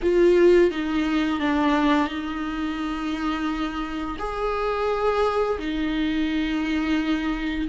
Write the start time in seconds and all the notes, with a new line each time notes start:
0.02 F4
0.70 D#4
1.40 D4
2.07 D#4
4.19 G#4
5.58 D#4